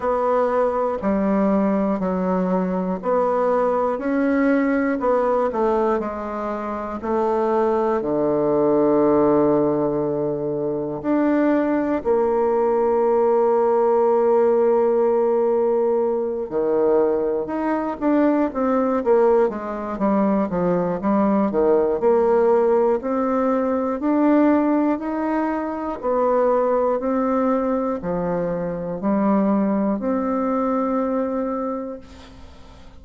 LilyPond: \new Staff \with { instrumentName = "bassoon" } { \time 4/4 \tempo 4 = 60 b4 g4 fis4 b4 | cis'4 b8 a8 gis4 a4 | d2. d'4 | ais1~ |
ais8 dis4 dis'8 d'8 c'8 ais8 gis8 | g8 f8 g8 dis8 ais4 c'4 | d'4 dis'4 b4 c'4 | f4 g4 c'2 | }